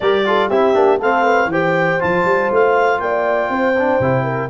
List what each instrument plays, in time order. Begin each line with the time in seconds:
0.00 tuba G3, trombone G4, horn A#4, clarinet D5
0.25 trombone F4, horn A4
0.49 tuba C4, trombone E4, horn G4, clarinet E5
0.73 tuba A#3, trombone D4
0.99 tuba A3, trombone C4, horn A4, clarinet F5
1.24 horn B4
1.46 tuba E3, horn C5, clarinet G5
1.52 trombone G4
1.99 tuba F3, trombone F4, clarinet A5
2.24 tuba G3
2.51 tuba A3, clarinet F5
2.99 tuba A#3, horn D5, clarinet G5
3.49 tuba C4, horn C5
3.78 trombone D4
3.99 tuba C3, trombone E4
4.23 horn A#4